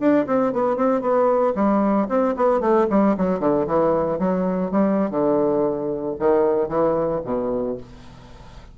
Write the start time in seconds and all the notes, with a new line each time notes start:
0.00 D4
0.27 C4
0.53 B3
0.77 C4
1.01 B3
1.55 G3
2.09 C4
2.37 B3
2.61 A3
2.90 G3
3.17 F#3
3.40 D3
3.67 E3
4.19 F#3
4.72 G3
5.11 D3
6.19 D#3
6.69 E3
7.25 B2